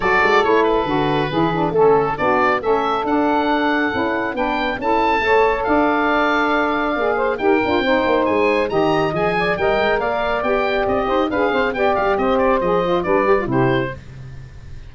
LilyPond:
<<
  \new Staff \with { instrumentName = "oboe" } { \time 4/4 \tempo 4 = 138 d''4 cis''8 b'2~ b'8 | a'4 d''4 e''4 fis''4~ | fis''2 g''4 a''4~ | a''4 f''2.~ |
f''4 g''2 gis''4 | ais''4 gis''4 g''4 f''4 | g''4 dis''4 f''4 g''8 f''8 | dis''8 d''8 dis''4 d''4 c''4 | }
  \new Staff \with { instrumentName = "saxophone" } { \time 4/4 a'2. gis'4 | a'4 fis'4 a'2~ | a'2 b'4 a'4 | cis''4 d''2.~ |
d''8 c''8 ais'4 c''2 | dis''4. d''8 dis''4 d''4~ | d''4. c''8 b'8 c''8 d''4 | c''2 b'4 g'4 | }
  \new Staff \with { instrumentName = "saxophone" } { \time 4/4 fis'4 e'4 fis'4 e'8 d'8 | cis'4 d'4 cis'4 d'4~ | d'4 e'4 d'4 e'4 | a'1 |
gis'4 g'8 f'8 dis'2 | g'4 gis'4 ais'2 | g'2 gis'4 g'4~ | g'4 gis'8 f'8 d'8 g'16 f'16 e'4 | }
  \new Staff \with { instrumentName = "tuba" } { \time 4/4 fis8 gis8 a4 d4 e4 | a4 b4 a4 d'4~ | d'4 cis'4 b4 cis'4 | a4 d'2. |
ais4 dis'8 d'8 c'8 ais8 gis4 | dis4 f4 g8 gis8 ais4 | b4 c'8 dis'8 d'8 c'8 b8 g8 | c'4 f4 g4 c4 | }
>>